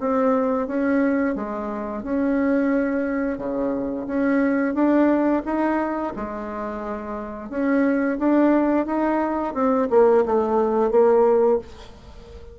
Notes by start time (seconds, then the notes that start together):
0.00 C4
0.67 C#4
1.35 G#3
2.03 C#4
3.38 C#3
4.07 C#4
4.74 D4
5.45 D#4
6.16 G#3
7.50 C#4
8.19 D4
8.86 D#4
9.54 C4
9.90 A#3
10.26 A3
10.91 A#3